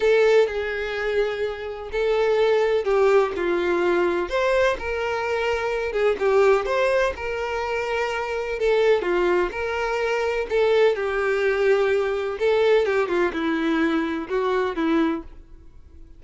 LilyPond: \new Staff \with { instrumentName = "violin" } { \time 4/4 \tempo 4 = 126 a'4 gis'2. | a'2 g'4 f'4~ | f'4 c''4 ais'2~ | ais'8 gis'8 g'4 c''4 ais'4~ |
ais'2 a'4 f'4 | ais'2 a'4 g'4~ | g'2 a'4 g'8 f'8 | e'2 fis'4 e'4 | }